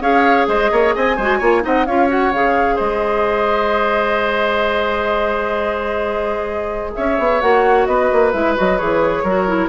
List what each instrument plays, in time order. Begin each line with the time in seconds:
0.00 bassoon C#4, clarinet G#4, oboe C#5, flute F5
0.47 bassoon G#3, oboe C5, flute D#5
0.72 bassoon A#3, oboe C#5
0.95 bassoon C4, oboe D#5, flute G#5
1.16 bassoon G#3, clarinet F#4, oboe C5
1.38 bassoon A#3, clarinet F4, oboe C#5
1.61 bassoon C4, clarinet D#4, oboe D#5, flute F#5
1.85 bassoon C#4, clarinet F4, oboe C#5, flute F5
2.08 clarinet F#4, flute F#5
2.33 bassoon C#3, clarinet G#4, flute F5
2.75 bassoon G#3, oboe C5, flute D#5
6.95 bassoon C#4, oboe C#5, flute E5
7.18 bassoon B3
7.40 bassoon A#3, clarinet F#4, flute F#5
7.85 bassoon B3, oboe B4, flute D#5
8.12 bassoon A#3
8.32 bassoon G#3, clarinet E4, flute E5
8.56 bassoon F#3, clarinet F#4, flute D#5
8.77 bassoon E3, clarinet G#4, flute C#5
9.22 bassoon F#3, clarinet F#4, oboe A#4
9.47 clarinet E4